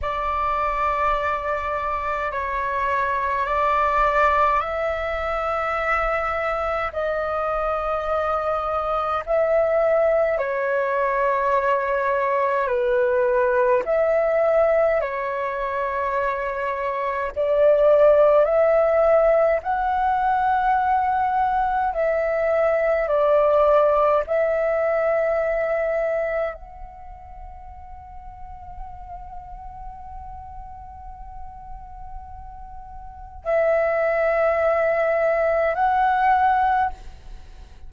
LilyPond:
\new Staff \with { instrumentName = "flute" } { \time 4/4 \tempo 4 = 52 d''2 cis''4 d''4 | e''2 dis''2 | e''4 cis''2 b'4 | e''4 cis''2 d''4 |
e''4 fis''2 e''4 | d''4 e''2 fis''4~ | fis''1~ | fis''4 e''2 fis''4 | }